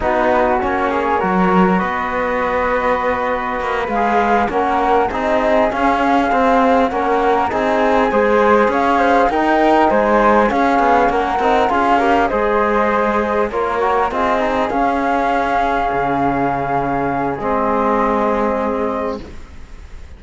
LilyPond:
<<
  \new Staff \with { instrumentName = "flute" } { \time 4/4 \tempo 4 = 100 b'4 cis''2 dis''4~ | dis''2~ dis''8 f''4 fis''8~ | fis''8 dis''4 f''2 fis''8~ | fis''8 gis''2 f''4 g''8~ |
g''8 gis''4 f''4 fis''4 f''8~ | f''8 dis''2 cis''4 dis''8~ | dis''8 f''2.~ f''8~ | f''4 dis''2. | }
  \new Staff \with { instrumentName = "flute" } { \time 4/4 fis'4. gis'8 ais'4 b'4~ | b'2.~ b'8 ais'8~ | ais'8 gis'2. ais'8~ | ais'8 gis'4 c''4 cis''8 c''8 ais'8~ |
ais'8 c''4 gis'4 ais'4 gis'8 | ais'8 c''2 ais'4 gis'8~ | gis'1~ | gis'1 | }
  \new Staff \with { instrumentName = "trombone" } { \time 4/4 dis'4 cis'4 fis'2~ | fis'2~ fis'8 gis'4 cis'8~ | cis'8 dis'4 cis'4 c'4 cis'8~ | cis'8 dis'4 gis'2 dis'8~ |
dis'4. cis'4. dis'8 f'8 | g'8 gis'2 f'8 fis'8 f'8 | dis'8 cis'2.~ cis'8~ | cis'4 c'2. | }
  \new Staff \with { instrumentName = "cello" } { \time 4/4 b4 ais4 fis4 b4~ | b2 ais8 gis4 ais8~ | ais8 c'4 cis'4 c'4 ais8~ | ais8 c'4 gis4 cis'4 dis'8~ |
dis'8 gis4 cis'8 b8 ais8 c'8 cis'8~ | cis'8 gis2 ais4 c'8~ | c'8 cis'2 cis4.~ | cis4 gis2. | }
>>